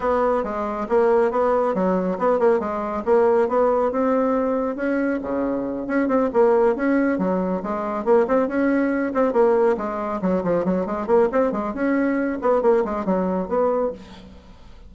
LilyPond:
\new Staff \with { instrumentName = "bassoon" } { \time 4/4 \tempo 4 = 138 b4 gis4 ais4 b4 | fis4 b8 ais8 gis4 ais4 | b4 c'2 cis'4 | cis4. cis'8 c'8 ais4 cis'8~ |
cis'8 fis4 gis4 ais8 c'8 cis'8~ | cis'4 c'8 ais4 gis4 fis8 | f8 fis8 gis8 ais8 c'8 gis8 cis'4~ | cis'8 b8 ais8 gis8 fis4 b4 | }